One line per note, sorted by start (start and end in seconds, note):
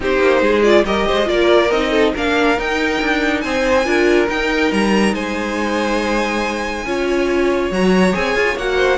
0.00 0.20 C4
0.00 0.63 D#4
0.00 0.42 G4
0.00 0.63 C5
0.20 0.41 A#3
0.41 0.83 G#3
0.41 0.85 G#4
0.63 0.84 F4
0.63 0.84 D5
0.84 1.06 G3
0.84 1.25 G4
0.84 1.06 A#4
0.84 1.28 D#5
1.06 1.29 G#3
1.06 1.28 C5
1.25 1.71 A#3
1.25 1.68 F4
1.25 1.90 A#4
1.25 1.71 D5
1.71 2.13 C4
1.71 2.15 D#4
1.71 2.13 D#5
1.90 2.12 A4
2.13 2.58 A#3
2.13 2.57 D4
2.13 3.42 A#4
2.13 2.59 F5
2.57 3.84 D#4
2.57 3.01 D#4
2.57 3.40 G5
3.01 3.44 D4
3.40 3.85 C4
3.40 3.86 C5
3.40 4.26 G#5
3.84 4.28 D4
3.84 4.27 F4
3.84 5.13 A#4
4.28 6.85 D#4
4.28 4.71 D#4
4.28 4.72 G5
4.71 5.13 G3
4.71 5.14 A#5
5.13 6.84 G#3
5.13 6.85 C5
5.13 7.71 G#5
6.84 7.70 C#4
6.84 7.71 F4
6.84 8.76 C#5
7.71 8.13 F#3
7.71 8.13 F#4
7.71 8.14 A#5
8.13 8.35 C4
8.13 8.55 G#4
8.13 8.57 G#5
8.35 8.56 F4
8.56 8.98 A#3
8.56 8.98 F#4
8.56 8.98 F#5
8.76 8.97 C5